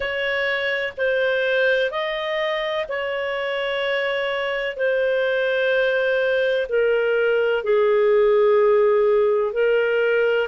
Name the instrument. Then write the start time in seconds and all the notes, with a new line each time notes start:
clarinet
0.00 C#5
0.97 C5
1.90 D#5
2.88 C#5
4.76 C5
6.68 A#4
7.63 G#4
9.52 A#4